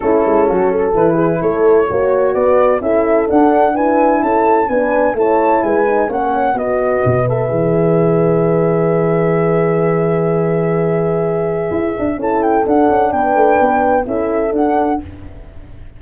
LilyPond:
<<
  \new Staff \with { instrumentName = "flute" } { \time 4/4 \tempo 4 = 128 a'2 b'4 cis''4~ | cis''4 d''4 e''4 fis''4 | gis''4 a''4 gis''4 a''4 | gis''4 fis''4 dis''4. e''8~ |
e''1~ | e''1~ | e''2 a''8 g''8 fis''4 | g''2 e''4 fis''4 | }
  \new Staff \with { instrumentName = "horn" } { \time 4/4 e'4 fis'8 a'4 gis'8 a'4 | cis''4 b'4 a'2 | b'4 a'4 b'4 cis''4 | b'4 cis''4 b'2~ |
b'1~ | b'1~ | b'2 a'2 | b'2 a'2 | }
  \new Staff \with { instrumentName = "horn" } { \time 4/4 cis'2 e'2 | fis'2 e'4 d'4 | e'2 d'4 e'4~ | e'8 dis'8 cis'4 fis'4. a'8 |
gis'1~ | gis'1~ | gis'2 e'4 d'4~ | d'2 e'4 d'4 | }
  \new Staff \with { instrumentName = "tuba" } { \time 4/4 a8 gis8 fis4 e4 a4 | ais4 b4 cis'4 d'4~ | d'4 cis'4 b4 a4 | gis4 ais4 b4 b,4 |
e1~ | e1~ | e4 e'8 d'8 cis'4 d'8 cis'8 | b8 a8 b4 cis'4 d'4 | }
>>